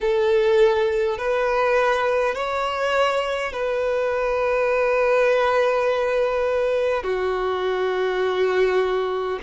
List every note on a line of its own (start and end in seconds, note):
0.01 1.18 A4
1.18 2.35 B4
2.35 3.52 C#5
3.52 7.03 B4
7.03 9.39 F#4